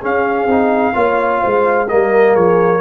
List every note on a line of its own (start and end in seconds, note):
0.00 0.48 C#4
0.00 0.46 C#4
0.00 0.94 G#4
0.00 1.88 F5
0.46 0.92 C4
0.46 0.93 D#4
0.93 1.42 A#3
0.93 1.87 F4
0.93 1.41 C#5
1.41 1.92 G#3
1.41 1.88 C5
1.88 2.36 G3
1.88 2.80 A#3
1.88 2.32 A#4
1.88 2.35 D#5
2.32 2.80 F3
2.32 2.79 G#4
2.32 2.80 C#5